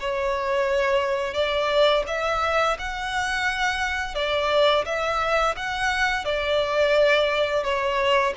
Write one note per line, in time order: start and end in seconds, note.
0.00 1.34 C#5
1.34 2.04 D5
2.07 2.77 E5
2.79 4.15 F#5
4.15 4.85 D5
4.86 5.55 E5
5.57 6.25 F#5
6.25 7.64 D5
7.64 8.34 C#5